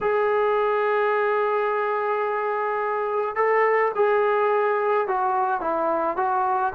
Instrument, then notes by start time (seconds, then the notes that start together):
trombone
0.01 G#4
3.35 A4
3.95 G#4
5.07 F#4
5.60 E4
6.17 F#4